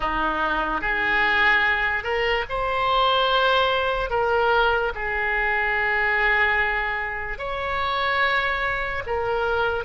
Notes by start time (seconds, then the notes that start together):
0.00 D#4
0.81 G#4
2.03 A#4
2.49 C5
4.10 A#4
4.95 G#4
7.38 C#5
9.06 A#4